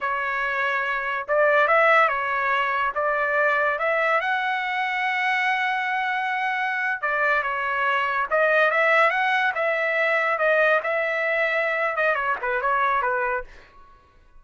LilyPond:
\new Staff \with { instrumentName = "trumpet" } { \time 4/4 \tempo 4 = 143 cis''2. d''4 | e''4 cis''2 d''4~ | d''4 e''4 fis''2~ | fis''1~ |
fis''8. d''4 cis''2 dis''16~ | dis''8. e''4 fis''4 e''4~ e''16~ | e''8. dis''4 e''2~ e''16~ | e''8 dis''8 cis''8 b'8 cis''4 b'4 | }